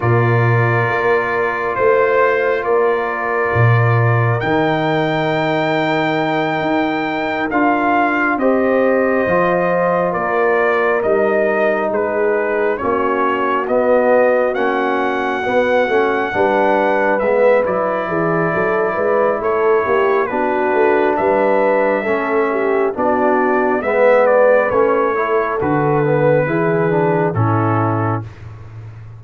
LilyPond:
<<
  \new Staff \with { instrumentName = "trumpet" } { \time 4/4 \tempo 4 = 68 d''2 c''4 d''4~ | d''4 g''2.~ | g''8 f''4 dis''2 d''8~ | d''8 dis''4 b'4 cis''4 dis''8~ |
dis''8 fis''2. e''8 | d''2 cis''4 b'4 | e''2 d''4 e''8 d''8 | cis''4 b'2 a'4 | }
  \new Staff \with { instrumentName = "horn" } { \time 4/4 ais'2 c''4 ais'4~ | ais'1~ | ais'4. c''2 ais'8~ | ais'4. gis'4 fis'4.~ |
fis'2~ fis'8 b'4.~ | b'8 gis'8 a'8 b'8 a'8 g'8 fis'4 | b'4 a'8 g'8 fis'4 b'4~ | b'8 a'4. gis'4 e'4 | }
  \new Staff \with { instrumentName = "trombone" } { \time 4/4 f'1~ | f'4 dis'2.~ | dis'8 f'4 g'4 f'4.~ | f'8 dis'2 cis'4 b8~ |
b8 cis'4 b8 cis'8 d'4 b8 | e'2. d'4~ | d'4 cis'4 d'4 b4 | cis'8 e'8 fis'8 b8 e'8 d'8 cis'4 | }
  \new Staff \with { instrumentName = "tuba" } { \time 4/4 ais,4 ais4 a4 ais4 | ais,4 dis2~ dis8 dis'8~ | dis'8 d'4 c'4 f4 ais8~ | ais8 g4 gis4 ais4 b8~ |
b8 ais4 b8 a8 g4 gis8 | fis8 e8 fis8 gis8 a8 ais8 b8 a8 | g4 a4 b4 gis4 | a4 d4 e4 a,4 | }
>>